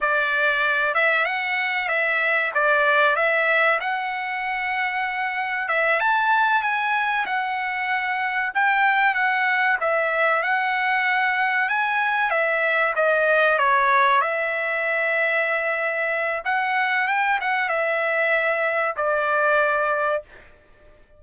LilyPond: \new Staff \with { instrumentName = "trumpet" } { \time 4/4 \tempo 4 = 95 d''4. e''8 fis''4 e''4 | d''4 e''4 fis''2~ | fis''4 e''8 a''4 gis''4 fis''8~ | fis''4. g''4 fis''4 e''8~ |
e''8 fis''2 gis''4 e''8~ | e''8 dis''4 cis''4 e''4.~ | e''2 fis''4 g''8 fis''8 | e''2 d''2 | }